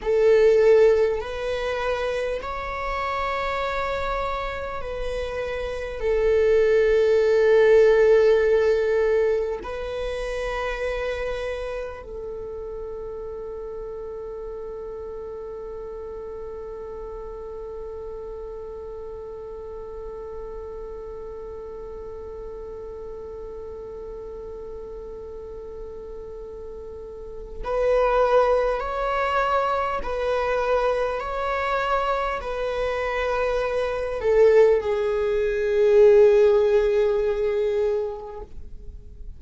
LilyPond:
\new Staff \with { instrumentName = "viola" } { \time 4/4 \tempo 4 = 50 a'4 b'4 cis''2 | b'4 a'2. | b'2 a'2~ | a'1~ |
a'1~ | a'2. b'4 | cis''4 b'4 cis''4 b'4~ | b'8 a'8 gis'2. | }